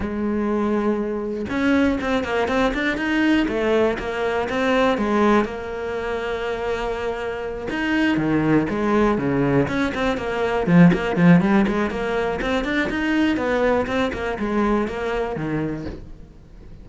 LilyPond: \new Staff \with { instrumentName = "cello" } { \time 4/4 \tempo 4 = 121 gis2. cis'4 | c'8 ais8 c'8 d'8 dis'4 a4 | ais4 c'4 gis4 ais4~ | ais2.~ ais8 dis'8~ |
dis'8 dis4 gis4 cis4 cis'8 | c'8 ais4 f8 ais8 f8 g8 gis8 | ais4 c'8 d'8 dis'4 b4 | c'8 ais8 gis4 ais4 dis4 | }